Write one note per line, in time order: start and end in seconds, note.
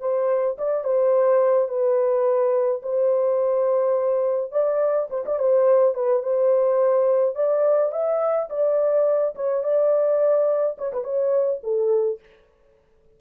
0.00 0.57 C5
0.58 0.84 D5
0.84 1.68 C5
1.68 2.81 B4
2.82 4.52 C5
4.52 5.08 D5
5.10 5.24 C5
5.25 5.39 D5
5.39 5.94 C5
5.94 6.22 B4
6.23 7.35 C5
7.35 7.92 D5
7.92 8.48 E5
8.50 9.34 D5
9.35 9.63 C#5
9.64 10.77 D5
10.78 10.92 C#5
10.92 11.04 B4
11.04 11.61 C#5
11.63 12.20 A4